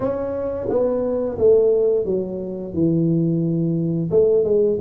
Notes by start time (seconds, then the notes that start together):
0.00 C#4
0.69 B3
1.38 A3
2.05 F#3
2.73 E3
4.10 A3
4.44 G#3